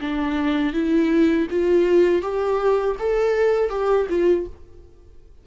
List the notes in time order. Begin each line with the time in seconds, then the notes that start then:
0.00 D4
0.73 E4
1.50 F4
2.22 G4
2.99 A4
3.69 G4
4.09 F4